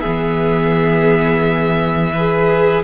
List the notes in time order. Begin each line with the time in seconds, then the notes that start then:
0.00 E3 B3 G#4 E5
2.12 G#4 B4